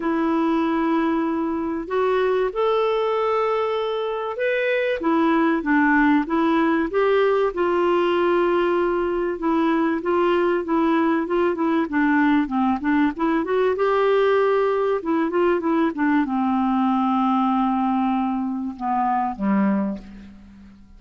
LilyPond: \new Staff \with { instrumentName = "clarinet" } { \time 4/4 \tempo 4 = 96 e'2. fis'4 | a'2. b'4 | e'4 d'4 e'4 g'4 | f'2. e'4 |
f'4 e'4 f'8 e'8 d'4 | c'8 d'8 e'8 fis'8 g'2 | e'8 f'8 e'8 d'8 c'2~ | c'2 b4 g4 | }